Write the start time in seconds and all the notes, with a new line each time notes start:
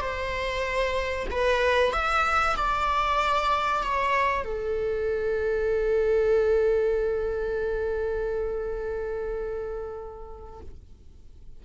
0.00 C5
1.30 B4
1.93 E5
2.56 D5
3.82 C#5
4.44 A4